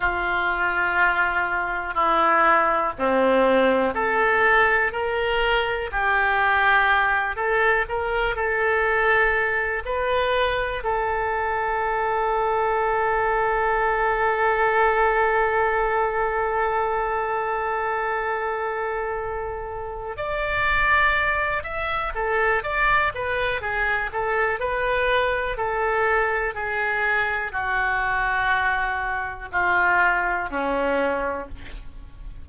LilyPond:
\new Staff \with { instrumentName = "oboe" } { \time 4/4 \tempo 4 = 61 f'2 e'4 c'4 | a'4 ais'4 g'4. a'8 | ais'8 a'4. b'4 a'4~ | a'1~ |
a'1~ | a'8 d''4. e''8 a'8 d''8 b'8 | gis'8 a'8 b'4 a'4 gis'4 | fis'2 f'4 cis'4 | }